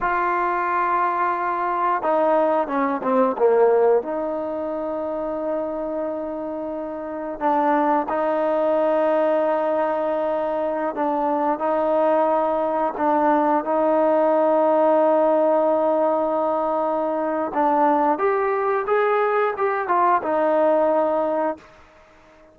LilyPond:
\new Staff \with { instrumentName = "trombone" } { \time 4/4 \tempo 4 = 89 f'2. dis'4 | cis'8 c'8 ais4 dis'2~ | dis'2. d'4 | dis'1~ |
dis'16 d'4 dis'2 d'8.~ | d'16 dis'2.~ dis'8.~ | dis'2 d'4 g'4 | gis'4 g'8 f'8 dis'2 | }